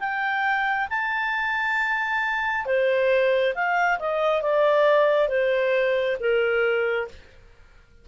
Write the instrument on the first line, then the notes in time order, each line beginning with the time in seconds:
clarinet
0.00 G5
0.90 A5
2.66 C5
3.55 F5
4.00 D#5
4.42 D5
5.29 C5
6.20 A#4